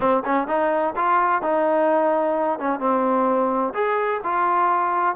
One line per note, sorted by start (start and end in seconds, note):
0.00 0.23 C4
0.25 0.47 C#4
0.47 0.94 D#4
0.95 1.42 F4
1.42 2.59 D#4
2.59 2.79 C#4
2.79 3.73 C4
3.74 4.20 G#4
4.23 5.15 F4